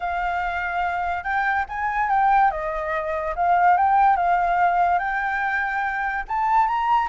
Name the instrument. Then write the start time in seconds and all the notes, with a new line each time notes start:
flute
0.00 F5
1.23 G5
1.68 G#5
2.09 G5
2.51 D#5
3.35 F5
3.77 G5
4.16 F5
4.98 G5
6.28 A5
6.67 A#5